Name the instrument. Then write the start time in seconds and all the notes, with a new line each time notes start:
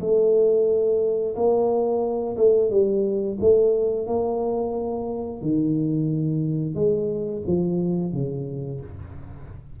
tuba
0.00 A3
1.35 A#3
2.37 A3
2.70 G3
3.40 A3
4.06 A#3
5.41 D#3
6.74 G#3
7.46 F3
8.13 C#3